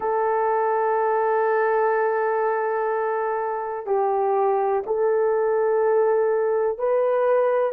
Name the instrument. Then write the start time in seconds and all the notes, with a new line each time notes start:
horn
0.00 A4
3.86 G4
4.86 A4
6.78 B4